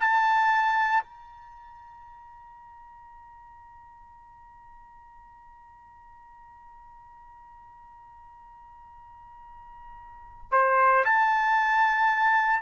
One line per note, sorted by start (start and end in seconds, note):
0.00 1.03 A5
1.03 10.51 A#5
10.52 11.04 C5
11.05 12.62 A5